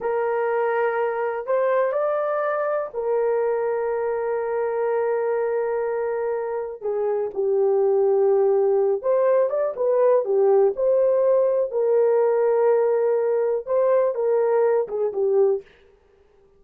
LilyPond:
\new Staff \with { instrumentName = "horn" } { \time 4/4 \tempo 4 = 123 ais'2. c''4 | d''2 ais'2~ | ais'1~ | ais'2 gis'4 g'4~ |
g'2~ g'8 c''4 d''8 | b'4 g'4 c''2 | ais'1 | c''4 ais'4. gis'8 g'4 | }